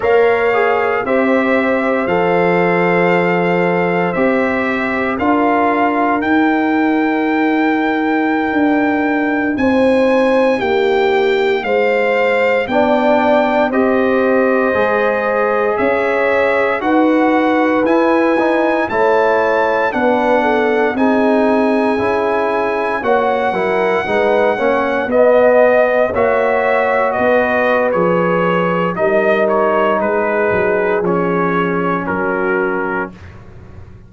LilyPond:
<<
  \new Staff \with { instrumentName = "trumpet" } { \time 4/4 \tempo 4 = 58 f''4 e''4 f''2 | e''4 f''4 g''2~ | g''4~ g''16 gis''4 g''4 f''8.~ | f''16 g''4 dis''2 e''8.~ |
e''16 fis''4 gis''4 a''4 fis''8.~ | fis''16 gis''2 fis''4.~ fis''16~ | fis''16 dis''4 e''4 dis''8. cis''4 | dis''8 cis''8 b'4 cis''4 ais'4 | }
  \new Staff \with { instrumentName = "horn" } { \time 4/4 cis''4 c''2.~ | c''4 ais'2.~ | ais'4~ ais'16 c''4 g'4 c''8.~ | c''16 d''4 c''2 cis''8.~ |
cis''16 b'2 cis''4 b'8 a'16~ | a'16 gis'2 cis''8 ais'8 b'8 cis''16~ | cis''16 dis''4 cis''4 b'4.~ b'16 | ais'4 gis'2 fis'4 | }
  \new Staff \with { instrumentName = "trombone" } { \time 4/4 ais'8 gis'8 g'4 a'2 | g'4 f'4 dis'2~ | dis'1~ | dis'16 d'4 g'4 gis'4.~ gis'16~ |
gis'16 fis'4 e'8 dis'8 e'4 d'8.~ | d'16 dis'4 e'4 fis'8 e'8 dis'8 cis'16~ | cis'16 b4 fis'4.~ fis'16 gis'4 | dis'2 cis'2 | }
  \new Staff \with { instrumentName = "tuba" } { \time 4/4 ais4 c'4 f2 | c'4 d'4 dis'2~ | dis'16 d'4 c'4 ais4 gis8.~ | gis16 b4 c'4 gis4 cis'8.~ |
cis'16 dis'4 e'4 a4 b8.~ | b16 c'4 cis'4 ais8 fis8 gis8 ais16~ | ais16 b4 ais4 b8. f4 | g4 gis8 fis8 f4 fis4 | }
>>